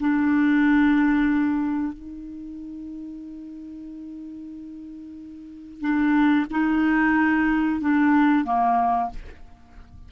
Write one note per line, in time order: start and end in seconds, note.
0.00 1.93 D4
1.93 5.81 D#4
5.81 6.46 D4
6.51 7.81 D#4
7.81 8.45 D4
8.45 9.10 A#3